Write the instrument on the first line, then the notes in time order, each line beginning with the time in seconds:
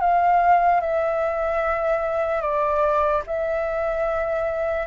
flute
0.00 F5
0.80 E5
2.41 D5
3.27 E5